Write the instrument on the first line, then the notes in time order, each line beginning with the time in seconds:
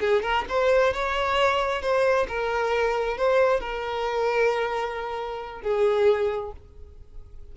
violin
0.00 G#4
0.22 A#4
0.49 C5
0.93 C#5
1.81 C5
2.28 A#4
3.17 C5
3.60 A#4
5.61 G#4